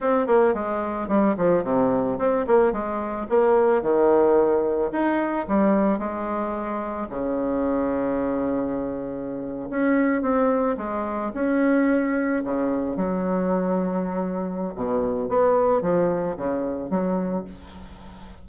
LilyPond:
\new Staff \with { instrumentName = "bassoon" } { \time 4/4 \tempo 4 = 110 c'8 ais8 gis4 g8 f8 c4 | c'8 ais8 gis4 ais4 dis4~ | dis4 dis'4 g4 gis4~ | gis4 cis2.~ |
cis4.~ cis16 cis'4 c'4 gis16~ | gis8. cis'2 cis4 fis16~ | fis2. b,4 | b4 f4 cis4 fis4 | }